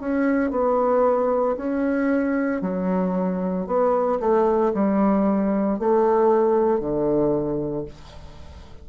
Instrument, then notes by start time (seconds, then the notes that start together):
bassoon
0.00 C#4
0.51 B3
1.56 C#4
2.61 F#3
3.67 B3
4.20 A3
4.74 G3
5.79 A3
6.79 D3